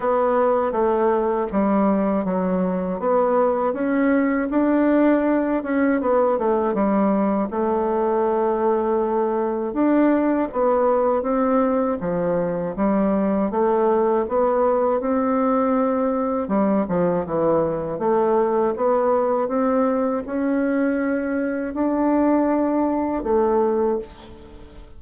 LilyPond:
\new Staff \with { instrumentName = "bassoon" } { \time 4/4 \tempo 4 = 80 b4 a4 g4 fis4 | b4 cis'4 d'4. cis'8 | b8 a8 g4 a2~ | a4 d'4 b4 c'4 |
f4 g4 a4 b4 | c'2 g8 f8 e4 | a4 b4 c'4 cis'4~ | cis'4 d'2 a4 | }